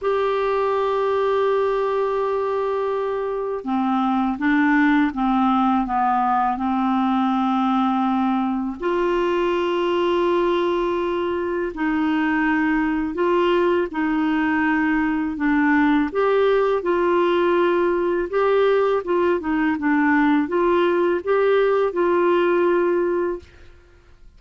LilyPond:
\new Staff \with { instrumentName = "clarinet" } { \time 4/4 \tempo 4 = 82 g'1~ | g'4 c'4 d'4 c'4 | b4 c'2. | f'1 |
dis'2 f'4 dis'4~ | dis'4 d'4 g'4 f'4~ | f'4 g'4 f'8 dis'8 d'4 | f'4 g'4 f'2 | }